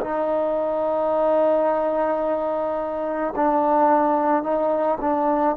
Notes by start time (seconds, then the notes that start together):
0.00 D#4
3.35 D4
4.42 D#4
5.00 D4